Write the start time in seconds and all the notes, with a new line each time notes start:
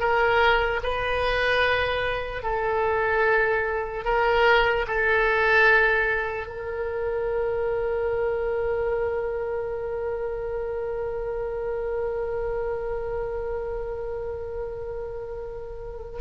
0.00 A#4
0.83 B4
2.43 A4
4.05 A#4
4.87 A4
6.47 A#4